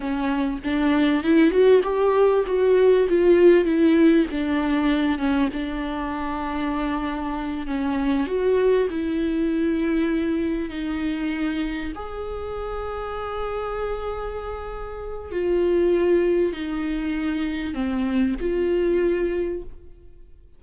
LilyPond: \new Staff \with { instrumentName = "viola" } { \time 4/4 \tempo 4 = 98 cis'4 d'4 e'8 fis'8 g'4 | fis'4 f'4 e'4 d'4~ | d'8 cis'8 d'2.~ | d'8 cis'4 fis'4 e'4.~ |
e'4. dis'2 gis'8~ | gis'1~ | gis'4 f'2 dis'4~ | dis'4 c'4 f'2 | }